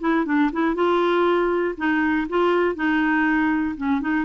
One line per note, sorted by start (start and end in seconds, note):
0.00 0.25 E4
0.25 0.50 D4
0.53 0.75 E4
0.75 1.75 F4
1.77 2.27 D#4
2.29 2.75 F4
2.75 3.75 D#4
3.77 4.01 C#4
4.01 4.25 D#4